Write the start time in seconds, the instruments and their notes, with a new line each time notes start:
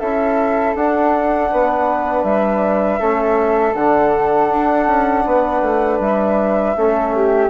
0.00 bassoon C#4, trombone E4, flute A4 E5
0.75 bassoon D4, trombone D4, flute F#5
1.52 bassoon B3, flute B4
2.24 bassoon G3, flute E5
3.00 bassoon A3, trombone C#4, flute A4
3.75 bassoon D3, trombone D4, flute F#5
4.50 bassoon D4
4.87 bassoon C#4
5.26 bassoon B3, flute B4
5.63 bassoon A3
6.00 bassoon G3, flute E5
6.77 bassoon A3, trombone C#4, flute A4
7.15 flute G4